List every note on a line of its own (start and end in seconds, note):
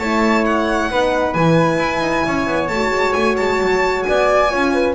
0.00 0.90 A3
0.00 0.91 E4
0.00 0.91 C#5
0.00 0.45 A5
0.45 1.34 F#5
0.91 1.35 B3
0.91 1.36 D#4
0.91 2.26 B4
1.34 1.78 E3
1.34 2.72 E4
1.34 2.68 G#5
1.78 2.01 E4
2.01 2.23 D#4
2.27 2.47 C#4
2.27 4.08 C#5
2.47 2.69 B3
2.68 2.91 A3
2.68 4.50 F#4
2.68 3.13 A5
2.91 3.14 G#3
3.13 3.38 A3
3.13 3.36 G#5
3.37 3.61 G#3
3.37 4.03 A5
3.61 4.06 F#3
4.03 4.53 B3
4.03 4.51 D5
4.03 4.94 G#5
4.50 4.95 C#4
4.50 4.95 F4
4.50 4.73 C#5
4.74 4.95 B4